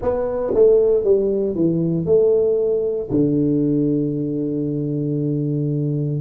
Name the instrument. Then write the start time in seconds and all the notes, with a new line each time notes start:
tuba
0.01 B3
0.54 A3
1.03 G3
1.55 E3
2.05 A3
3.10 D3